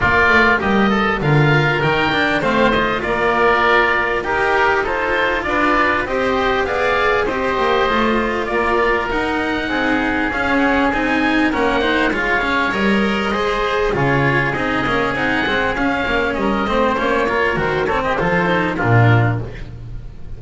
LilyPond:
<<
  \new Staff \with { instrumentName = "oboe" } { \time 4/4 \tempo 4 = 99 d''4 dis''4 f''4 g''4 | f''8 dis''8 d''2 ais'4 | c''4 d''4 dis''4 f''4 | dis''2 d''4 fis''4~ |
fis''4 f''8 fis''8 gis''4 fis''4 | f''4 dis''2 cis''4 | dis''4 fis''4 f''4 dis''4 | cis''4 c''8 cis''16 dis''16 c''4 ais'4 | }
  \new Staff \with { instrumentName = "oboe" } { \time 4/4 f'4 g'8 a'8 ais'2 | c''4 ais'2 g'4 | a'4 b'4 c''4 d''4 | c''2 ais'2 |
gis'2. ais'8 c''8 | cis''2 c''4 gis'4~ | gis'2. ais'8 c''8~ | c''8 ais'4 a'16 g'16 a'4 f'4 | }
  \new Staff \with { instrumentName = "cello" } { \time 4/4 ais2 f'4 dis'8 d'8 | c'8 f'2~ f'8 g'4 | f'2 g'4 gis'4 | g'4 f'2 dis'4~ |
dis'4 cis'4 dis'4 cis'8 dis'8 | f'8 cis'8 ais'4 gis'4 f'4 | dis'8 cis'8 dis'8 c'8 cis'4. c'8 | cis'8 f'8 fis'8 c'8 f'8 dis'8 d'4 | }
  \new Staff \with { instrumentName = "double bass" } { \time 4/4 ais8 a8 g4 d4 dis4 | a4 ais2 dis'4~ | dis'4 d'4 c'4 b4 | c'8 ais8 a4 ais4 dis'4 |
c'4 cis'4 c'4 ais4 | gis4 g4 gis4 cis4 | c'8 ais8 c'8 gis8 cis'8 ais8 g8 a8 | ais4 dis4 f4 ais,4 | }
>>